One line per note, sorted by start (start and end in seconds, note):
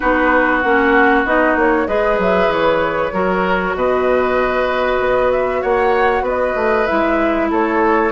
0.00 0.63 B3
0.00 0.62 D#4
0.00 1.87 F#4
0.00 0.60 B4
0.60 1.25 A#3
0.60 1.26 C#4
0.60 1.23 F#5
1.25 1.55 B3
1.25 1.87 D#4
1.25 1.57 D#5
1.55 1.87 A#3
1.55 1.87 C#5
1.87 2.18 G#3
1.87 3.12 G#4
1.87 3.13 B4
1.87 2.18 D#5
2.18 2.47 F#3
2.18 2.52 E5
2.47 3.10 E3
2.47 3.76 C#5
3.13 3.74 F#3
3.13 6.88 F#4
3.13 3.75 A#4
3.74 4.99 B2
3.74 5.61 B4
3.74 5.31 D#5
4.99 5.62 B3
5.31 5.62 E5
5.61 6.21 A#3
5.61 6.23 C#5
5.61 6.25 F#5
6.21 6.53 B3
6.21 7.48 B4
6.21 6.86 D#5
6.55 6.86 A3
6.86 7.51 G#3
6.86 8.11 E4
6.86 7.49 E5
7.50 8.11 A3
7.50 8.11 A4
7.50 8.11 C#5